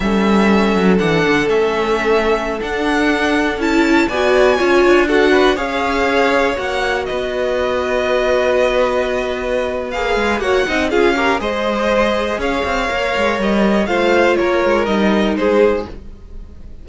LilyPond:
<<
  \new Staff \with { instrumentName = "violin" } { \time 4/4 \tempo 4 = 121 e''2 fis''4 e''4~ | e''4~ e''16 fis''2 a''8.~ | a''16 gis''2 fis''4 f''8.~ | f''4~ f''16 fis''4 dis''4.~ dis''16~ |
dis''1 | f''4 fis''4 f''4 dis''4~ | dis''4 f''2 dis''4 | f''4 cis''4 dis''4 c''4 | }
  \new Staff \with { instrumentName = "violin" } { \time 4/4 a'1~ | a'1~ | a'16 d''4 cis''4 a'8 b'8 cis''8.~ | cis''2~ cis''16 b'4.~ b'16~ |
b'1~ | b'4 cis''8 dis''8 gis'8 ais'8 c''4~ | c''4 cis''2. | c''4 ais'2 gis'4 | }
  \new Staff \with { instrumentName = "viola" } { \time 4/4 cis'2 d'4 cis'4~ | cis'4~ cis'16 d'2 e'8.~ | e'16 fis'4 f'4 fis'4 gis'8.~ | gis'4~ gis'16 fis'2~ fis'8.~ |
fis'1 | gis'4 fis'8 dis'8 f'8 g'8 gis'4~ | gis'2 ais'2 | f'2 dis'2 | }
  \new Staff \with { instrumentName = "cello" } { \time 4/4 g4. fis8 e8 d8 a4~ | a4~ a16 d'2 cis'8.~ | cis'16 b4 cis'8 d'4. cis'8.~ | cis'4~ cis'16 ais4 b4.~ b16~ |
b1 | ais8 gis8 ais8 c'8 cis'4 gis4~ | gis4 cis'8 c'8 ais8 gis8 g4 | a4 ais8 gis8 g4 gis4 | }
>>